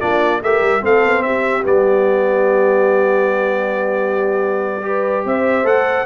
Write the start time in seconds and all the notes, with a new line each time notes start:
0.00 A#3 D4 F4 D5
0.42 A3 G4 A#4 E5
0.61 G3
0.81 A3 C4 A4 F5
1.03 B3
1.22 C4 G4 E5
1.63 G3 B3 D5
4.82 G4 B4
5.25 C4 C5 E5
5.64 A3 A4 F#5